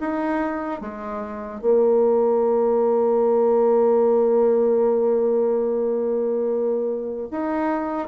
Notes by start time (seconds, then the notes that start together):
0.00 D#4
0.81 G#3
1.61 A#3
7.31 D#4